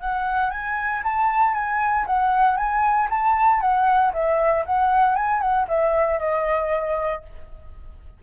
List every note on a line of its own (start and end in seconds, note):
0.00 0.50 F#5
0.50 1.02 G#5
1.03 1.54 A5
1.54 2.05 G#5
2.06 2.56 F#5
2.56 3.08 G#5
3.10 3.60 A5
3.60 4.12 F#5
4.13 4.64 E5
4.65 5.15 F#5
5.15 5.41 G#5
5.41 5.67 F#5
5.68 6.19 E5
6.19 7.22 D#5